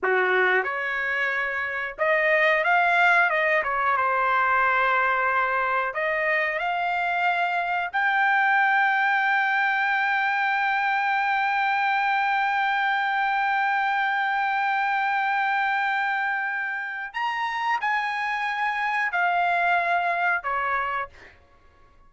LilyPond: \new Staff \with { instrumentName = "trumpet" } { \time 4/4 \tempo 4 = 91 fis'4 cis''2 dis''4 | f''4 dis''8 cis''8 c''2~ | c''4 dis''4 f''2 | g''1~ |
g''1~ | g''1~ | g''2 ais''4 gis''4~ | gis''4 f''2 cis''4 | }